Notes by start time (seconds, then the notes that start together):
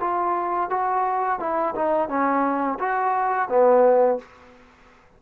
0.00 F4
0.70 F#4
1.40 E4
1.75 D#4
2.09 C#4
2.79 F#4
3.49 B3